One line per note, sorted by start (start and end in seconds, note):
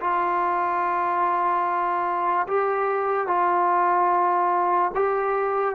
0.00 2.47 F4
2.47 3.27 G4
3.27 4.91 F4
4.95 5.75 G4